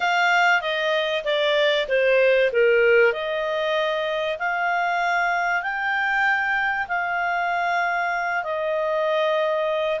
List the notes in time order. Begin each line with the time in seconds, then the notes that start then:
0.00 F5
0.61 D#5
1.24 D5
1.88 C5
2.52 A#4
3.12 D#5
4.39 F5
5.62 G5
6.88 F5
8.43 D#5